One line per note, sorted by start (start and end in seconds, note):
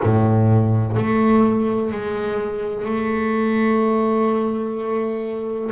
0.03 0.96 A2
0.96 1.91 A3
1.91 2.84 G#3
2.84 5.70 A3